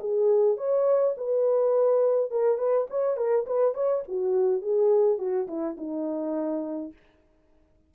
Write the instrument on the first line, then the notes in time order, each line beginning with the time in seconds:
horn
0.00 G#4
0.57 C#5
1.17 B4
2.31 A#4
2.58 B4
2.90 C#5
3.17 A#4
3.46 B4
3.74 C#5
4.08 F#4
4.62 G#4
5.18 F#4
5.48 E4
5.77 D#4